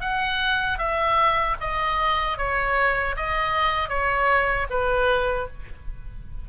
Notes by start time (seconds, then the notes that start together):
0.00 F#5
0.78 E5
1.60 D#5
2.37 C#5
3.16 D#5
3.89 C#5
4.70 B4